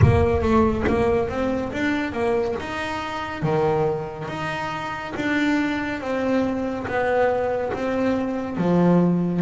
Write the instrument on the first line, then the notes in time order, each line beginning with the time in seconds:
double bass
0.02 A#3
0.41 A3
0.86 A#3
1.29 C4
1.72 D4
2.12 A#3
2.59 D#4
3.42 D#3
4.27 D#4
5.15 D4
6.00 C4
6.87 B3
7.73 C4
8.57 F3